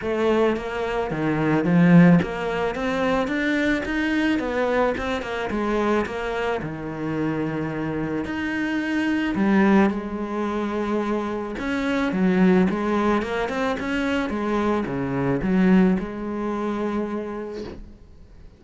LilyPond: \new Staff \with { instrumentName = "cello" } { \time 4/4 \tempo 4 = 109 a4 ais4 dis4 f4 | ais4 c'4 d'4 dis'4 | b4 c'8 ais8 gis4 ais4 | dis2. dis'4~ |
dis'4 g4 gis2~ | gis4 cis'4 fis4 gis4 | ais8 c'8 cis'4 gis4 cis4 | fis4 gis2. | }